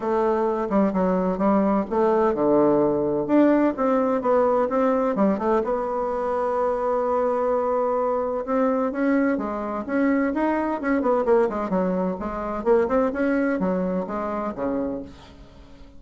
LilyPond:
\new Staff \with { instrumentName = "bassoon" } { \time 4/4 \tempo 4 = 128 a4. g8 fis4 g4 | a4 d2 d'4 | c'4 b4 c'4 g8 a8 | b1~ |
b2 c'4 cis'4 | gis4 cis'4 dis'4 cis'8 b8 | ais8 gis8 fis4 gis4 ais8 c'8 | cis'4 fis4 gis4 cis4 | }